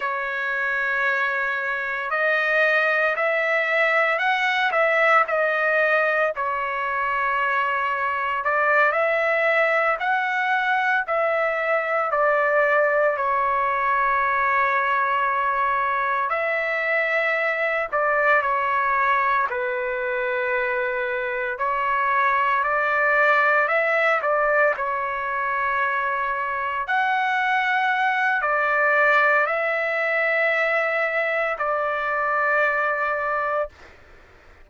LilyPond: \new Staff \with { instrumentName = "trumpet" } { \time 4/4 \tempo 4 = 57 cis''2 dis''4 e''4 | fis''8 e''8 dis''4 cis''2 | d''8 e''4 fis''4 e''4 d''8~ | d''8 cis''2. e''8~ |
e''4 d''8 cis''4 b'4.~ | b'8 cis''4 d''4 e''8 d''8 cis''8~ | cis''4. fis''4. d''4 | e''2 d''2 | }